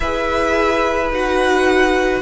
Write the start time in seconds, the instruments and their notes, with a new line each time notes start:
0.00 cello E4, viola G#4, violin B4 E5
1.11 cello D#4, viola F#4, violin F#5